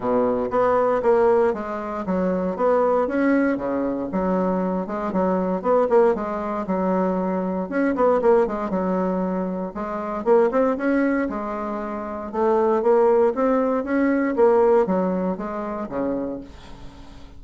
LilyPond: \new Staff \with { instrumentName = "bassoon" } { \time 4/4 \tempo 4 = 117 b,4 b4 ais4 gis4 | fis4 b4 cis'4 cis4 | fis4. gis8 fis4 b8 ais8 | gis4 fis2 cis'8 b8 |
ais8 gis8 fis2 gis4 | ais8 c'8 cis'4 gis2 | a4 ais4 c'4 cis'4 | ais4 fis4 gis4 cis4 | }